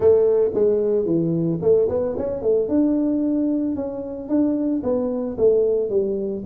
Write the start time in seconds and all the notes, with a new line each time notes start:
0.00 A3
0.54 G#3
1.05 E3
1.61 A3
1.88 B3
2.17 C#4
2.42 A3
2.68 D4
3.75 C#4
4.29 D4
4.83 B3
5.37 A3
5.89 G3